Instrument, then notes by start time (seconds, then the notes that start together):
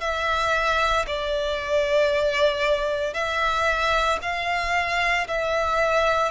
violin
0.00 E5
1.07 D5
3.13 E5
4.22 F5
5.27 E5